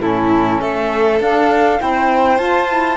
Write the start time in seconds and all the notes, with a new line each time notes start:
0.00 A2 C#4 E4 A4
0.61 A3 A4 E5
1.20 D4 F5
1.79 C4 E4 C5 G5
2.38 F4 A5
2.69 E4